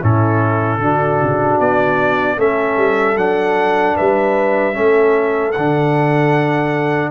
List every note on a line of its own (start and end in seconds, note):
0.00 0.77 A2
0.00 0.81 C#4
0.00 0.79 E4
0.00 1.60 A4
0.77 1.17 D3
0.77 2.37 D4
0.77 2.38 F#4
1.22 1.59 C#3
1.59 2.37 B3
1.59 2.39 D5
2.37 2.77 A3
2.37 3.16 C#4
2.37 3.95 A4
2.37 3.17 E5
2.77 3.16 G3
3.16 3.95 F#3
3.16 4.73 D4
3.16 3.96 F#5
3.95 4.78 G3
3.95 4.74 B4
3.95 5.51 E5
4.73 5.57 A3
4.73 5.52 C#4
4.73 7.11 A4
5.51 7.11 D3
5.51 7.11 D4
5.51 7.09 F#5